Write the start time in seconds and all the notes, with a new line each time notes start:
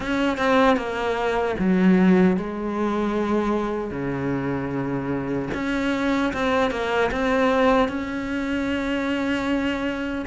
0.00 C#4
0.37 C4
0.76 A#3
1.58 F#3
2.36 G#3
3.90 C#3
5.54 C#4
6.33 C4
6.70 A#3
7.11 C4
7.88 C#4